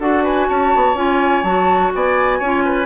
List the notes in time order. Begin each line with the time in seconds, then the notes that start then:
0.00 D4 F#4 A4 F#5
0.24 B4 G#5
0.49 C#4 C#5 A5
0.76 B3
0.95 C#4 F4 G#5
1.44 F#3 F#4 A5
1.95 B3 D5 G#5
2.39 C#4 F4 C#5
2.65 B4